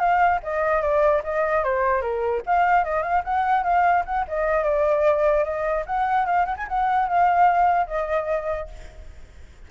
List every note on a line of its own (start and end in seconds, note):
0.00 0.40 F5
0.44 0.82 D#5
0.82 1.23 D5
1.24 1.64 D#5
1.64 2.02 C5
2.02 2.42 A#4
2.47 2.85 F5
2.85 3.03 D#5
3.03 3.23 F5
3.25 3.64 F#5
3.64 4.04 F5
4.06 4.26 F#5
4.28 4.64 D#5
4.64 5.45 D5
5.45 5.85 D#5
5.87 6.26 F#5
6.26 6.46 F5
6.46 6.56 F#5
6.57 6.67 G#5
6.69 7.09 F#5
7.09 7.88 F5
7.88 8.68 D#5